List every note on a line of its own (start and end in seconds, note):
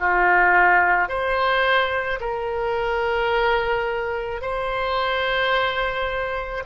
0.00 1.09 F4
1.09 2.20 C5
2.21 4.42 A#4
4.42 6.64 C5